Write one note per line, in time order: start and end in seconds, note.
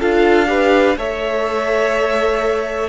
0.00 0.97 D4
0.00 0.47 F4
0.00 0.48 A4
0.00 0.98 F5
0.47 0.95 G4
0.47 0.98 B4
0.97 2.90 A3
0.97 2.90 A4
0.97 2.90 C#5
0.97 2.90 E5